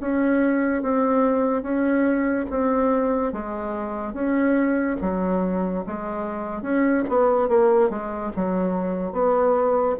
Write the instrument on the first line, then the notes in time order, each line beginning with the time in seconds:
bassoon
0.00 C#4
0.82 C4
1.62 C#4
2.50 C4
3.32 G#3
4.13 C#4
5.01 F#3
5.86 G#3
6.62 C#4
7.09 B3
7.48 A#3
7.89 G#3
8.36 F#3
9.12 B3